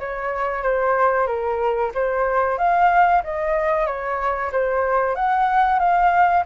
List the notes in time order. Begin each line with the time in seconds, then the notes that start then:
0.00 C#5
0.63 C5
1.27 A#4
1.94 C5
2.58 F5
3.24 D#5
3.87 C#5
4.52 C5
5.16 F#5
5.79 F5